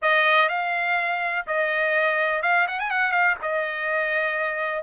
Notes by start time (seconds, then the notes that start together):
0.02 D#5
0.49 F5
1.46 D#5
2.42 F5
2.67 F#5
2.79 G#5
2.90 F#5
3.11 F5
3.42 D#5